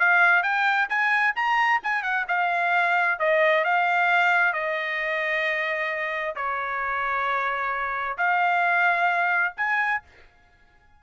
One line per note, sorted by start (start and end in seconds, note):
0.00 0.43 F5
0.43 0.89 G5
0.89 1.35 G#5
1.36 1.81 A#5
1.83 2.03 G#5
2.03 2.26 F#5
2.29 3.19 F5
3.20 3.65 D#5
3.65 4.54 F5
4.54 6.36 D#5
6.36 8.18 C#5
8.18 9.54 F5
9.57 10.03 G#5